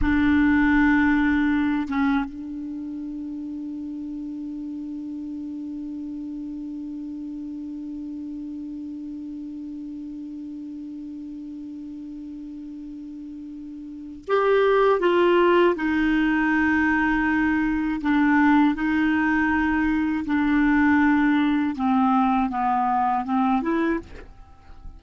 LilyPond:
\new Staff \with { instrumentName = "clarinet" } { \time 4/4 \tempo 4 = 80 d'2~ d'8 cis'8 d'4~ | d'1~ | d'1~ | d'1~ |
d'2. g'4 | f'4 dis'2. | d'4 dis'2 d'4~ | d'4 c'4 b4 c'8 e'8 | }